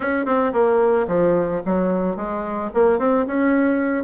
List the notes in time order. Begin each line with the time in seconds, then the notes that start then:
0.00 C#4
0.25 C4
0.52 A#3
1.07 F3
1.65 F#3
2.16 G#3
2.73 A#3
2.99 C4
3.26 C#4